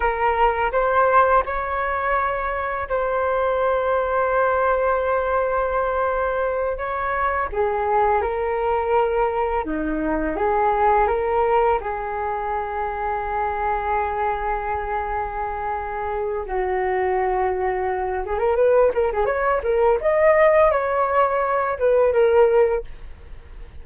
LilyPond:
\new Staff \with { instrumentName = "flute" } { \time 4/4 \tempo 4 = 84 ais'4 c''4 cis''2 | c''1~ | c''4. cis''4 gis'4 ais'8~ | ais'4. dis'4 gis'4 ais'8~ |
ais'8 gis'2.~ gis'8~ | gis'2. fis'4~ | fis'4. gis'16 ais'16 b'8 ais'16 gis'16 cis''8 ais'8 | dis''4 cis''4. b'8 ais'4 | }